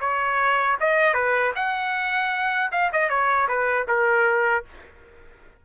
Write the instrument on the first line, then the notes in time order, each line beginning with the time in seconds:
trumpet
0.00 C#5
0.80 D#5
1.14 B4
1.55 F#5
2.72 F5
2.92 D#5
3.09 C#5
3.48 B4
3.88 A#4